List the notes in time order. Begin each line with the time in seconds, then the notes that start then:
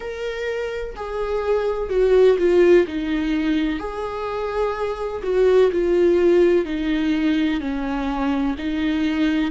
0.00 A#4
0.95 G#4
1.89 F#4
2.38 F4
2.87 D#4
3.79 G#4
5.23 F#4
5.71 F4
6.65 D#4
7.60 C#4
8.58 D#4